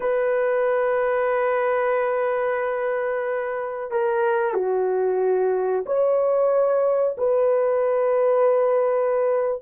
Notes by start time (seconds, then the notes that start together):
0.00 B4
3.90 A#4
4.54 F#4
5.85 C#5
7.17 B4